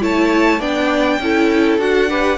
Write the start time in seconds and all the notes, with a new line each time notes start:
0.00 A3 E4 C#5 A5
0.60 B3 D4 D5 G5
1.19 C#4 E4 A4
1.78 D4 F#4 F#5
2.09 G4 B4